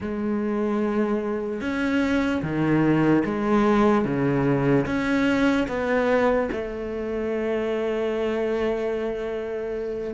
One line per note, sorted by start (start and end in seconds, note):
0.00 1.60 G#3
1.60 2.41 C#4
2.42 3.23 D#3
3.24 4.04 G#3
4.04 4.85 C#3
4.86 5.67 C#4
5.68 6.49 B3
6.52 10.14 A3